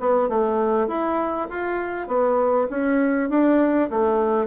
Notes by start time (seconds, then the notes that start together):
0.00 B3
0.29 A3
0.88 E4
1.50 F4
2.08 B3
2.70 C#4
3.29 D4
3.90 A3